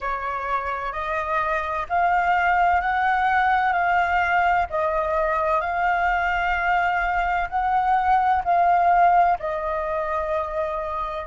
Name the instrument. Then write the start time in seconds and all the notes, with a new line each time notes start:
flute
0.00 C#5
0.92 D#5
1.89 F5
2.80 F#5
3.72 F5
4.70 D#5
5.60 F5
7.49 F#5
8.44 F5
9.39 D#5